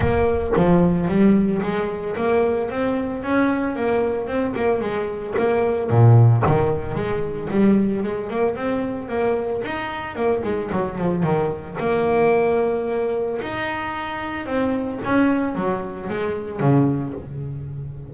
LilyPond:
\new Staff \with { instrumentName = "double bass" } { \time 4/4 \tempo 4 = 112 ais4 f4 g4 gis4 | ais4 c'4 cis'4 ais4 | c'8 ais8 gis4 ais4 ais,4 | dis4 gis4 g4 gis8 ais8 |
c'4 ais4 dis'4 ais8 gis8 | fis8 f8 dis4 ais2~ | ais4 dis'2 c'4 | cis'4 fis4 gis4 cis4 | }